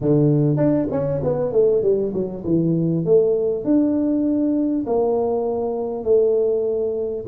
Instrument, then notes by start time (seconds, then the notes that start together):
tuba
0.01 D3
0.56 D4
0.91 C#4
1.23 B3
1.52 A3
1.82 G3
2.13 F#3
2.44 E3
3.05 A3
3.64 D4
4.86 A#3
6.04 A3